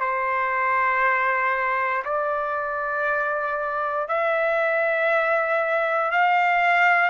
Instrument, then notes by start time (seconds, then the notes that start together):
trumpet
0.00 C5
2.05 D5
4.08 E5
6.11 F5